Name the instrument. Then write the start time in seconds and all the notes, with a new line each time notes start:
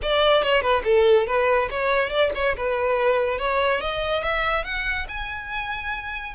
violin
0.02 D5
0.42 C#5
0.61 B4
0.84 A4
1.27 B4
1.70 C#5
2.09 D5
2.35 C#5
2.56 B4
3.38 C#5
3.80 D#5
4.23 E5
4.64 F#5
5.08 G#5